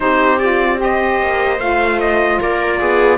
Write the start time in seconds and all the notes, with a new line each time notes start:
0.00 C4 D#4 G4 C5
0.38 F4 D5
0.76 G4 C5
0.83 D#5
1.21 A#3
1.58 A3 F4 F5
2.00 D#5
2.40 A#3 A#4 D5
2.79 B3 G#4